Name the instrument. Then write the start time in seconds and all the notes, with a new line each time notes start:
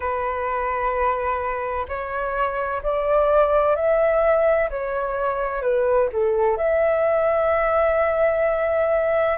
flute
0.00 B4
1.88 C#5
2.82 D5
3.75 E5
4.70 C#5
5.62 B4
6.12 A4
6.57 E5